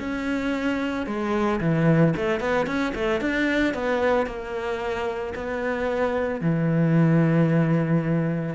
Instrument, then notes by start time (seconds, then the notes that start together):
cello
0.00 C#4
1.07 G#3
1.61 E3
2.17 A3
2.41 B3
2.67 C#4
2.95 A3
3.21 D4
3.75 B3
4.27 A#3
5.35 B3
6.41 E3